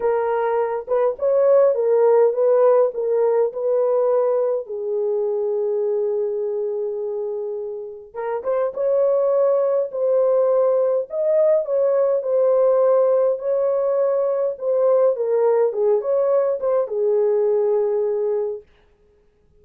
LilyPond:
\new Staff \with { instrumentName = "horn" } { \time 4/4 \tempo 4 = 103 ais'4. b'8 cis''4 ais'4 | b'4 ais'4 b'2 | gis'1~ | gis'2 ais'8 c''8 cis''4~ |
cis''4 c''2 dis''4 | cis''4 c''2 cis''4~ | cis''4 c''4 ais'4 gis'8 cis''8~ | cis''8 c''8 gis'2. | }